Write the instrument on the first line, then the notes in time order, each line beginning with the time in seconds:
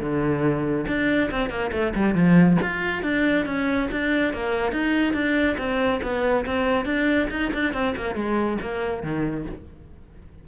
cello
0.00 D3
0.87 D4
1.31 C4
1.49 A#3
1.72 A3
1.95 G3
2.14 F3
2.62 F4
3.03 D4
3.46 C#4
3.91 D4
4.33 A#3
4.72 D#4
5.13 D4
5.58 C4
6.02 B3
6.46 C4
6.85 D4
7.30 D#4
7.53 D4
7.73 C4
7.97 A#3
8.15 G#3
8.61 A#3
9.03 D#3